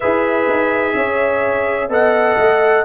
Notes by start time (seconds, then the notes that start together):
0.00 E4 G#4 B4 E5
0.48 D#4
0.93 C#4 C#5
1.88 B3 A4 D#5 F#5
2.37 A3